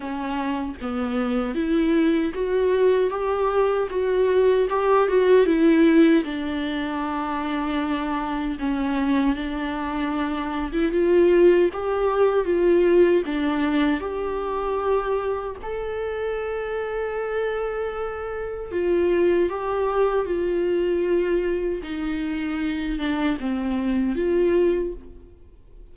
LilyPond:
\new Staff \with { instrumentName = "viola" } { \time 4/4 \tempo 4 = 77 cis'4 b4 e'4 fis'4 | g'4 fis'4 g'8 fis'8 e'4 | d'2. cis'4 | d'4.~ d'16 e'16 f'4 g'4 |
f'4 d'4 g'2 | a'1 | f'4 g'4 f'2 | dis'4. d'8 c'4 f'4 | }